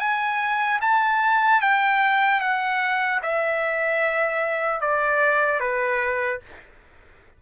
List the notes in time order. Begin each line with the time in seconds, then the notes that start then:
0.00 G#5
0.81 A5
1.61 G5
2.41 F#5
3.23 E5
4.81 D5
5.60 B4